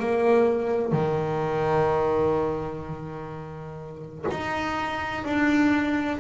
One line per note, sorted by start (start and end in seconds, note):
0.00 0.92 A#3
0.92 4.26 D#3
4.31 5.25 D#4
5.25 6.20 D4